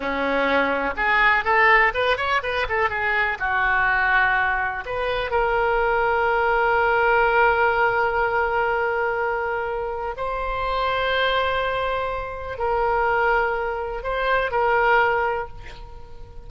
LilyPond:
\new Staff \with { instrumentName = "oboe" } { \time 4/4 \tempo 4 = 124 cis'2 gis'4 a'4 | b'8 cis''8 b'8 a'8 gis'4 fis'4~ | fis'2 b'4 ais'4~ | ais'1~ |
ais'1~ | ais'4 c''2.~ | c''2 ais'2~ | ais'4 c''4 ais'2 | }